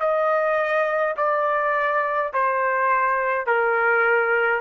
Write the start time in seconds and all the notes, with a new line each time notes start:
0.00 D#5
1.17 D5
2.34 C5
3.47 A#4